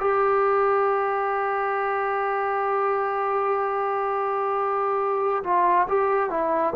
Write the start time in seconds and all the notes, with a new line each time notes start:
0.00 G4
5.44 F4
5.88 G4
6.30 E4